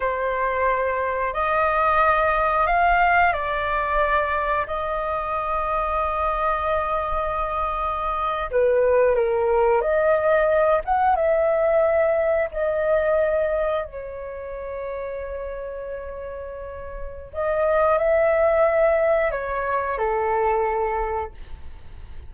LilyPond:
\new Staff \with { instrumentName = "flute" } { \time 4/4 \tempo 4 = 90 c''2 dis''2 | f''4 d''2 dis''4~ | dis''1~ | dis''8. b'4 ais'4 dis''4~ dis''16~ |
dis''16 fis''8 e''2 dis''4~ dis''16~ | dis''8. cis''2.~ cis''16~ | cis''2 dis''4 e''4~ | e''4 cis''4 a'2 | }